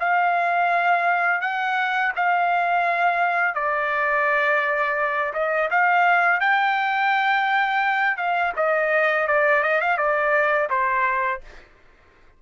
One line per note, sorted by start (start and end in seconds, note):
0.00 1.41 F5
1.41 2.13 F#5
2.16 3.55 F5
3.55 5.33 D5
5.34 5.69 D#5
5.71 6.41 F5
6.41 8.17 G5
8.17 8.53 F5
8.56 9.28 D#5
9.28 9.63 D5
9.63 9.81 D#5
9.81 9.97 F5
9.97 10.69 D5
10.70 11.41 C5